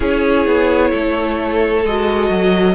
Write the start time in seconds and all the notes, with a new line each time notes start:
0.00 C#4 E4 G#4 C#5
0.45 B3
0.90 A3 A4
1.84 G#3 F#4 D#5
2.29 F#3